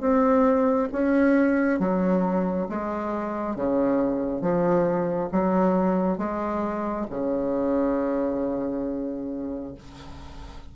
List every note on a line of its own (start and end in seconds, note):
0.00 0.88 C4
0.92 1.79 C#4
1.79 2.67 F#3
2.69 3.55 G#3
3.55 4.41 C#3
4.41 5.29 F3
5.31 6.18 F#3
6.18 7.06 G#3
7.10 9.75 C#3